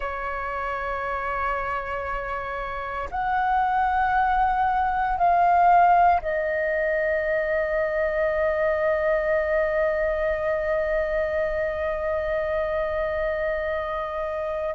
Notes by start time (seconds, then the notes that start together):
0.00 C#5
3.10 F#5
5.17 F5
6.21 D#5